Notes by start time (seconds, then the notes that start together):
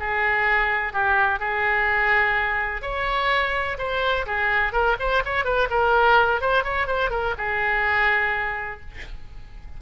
0.00 G#4
0.94 G4
1.40 G#4
2.82 C#5
3.79 C5
4.27 G#4
4.73 A#4
5.00 C5
5.26 C#5
5.45 B4
5.71 A#4
6.42 C5
6.64 C#5
6.87 C5
7.11 A#4
7.38 G#4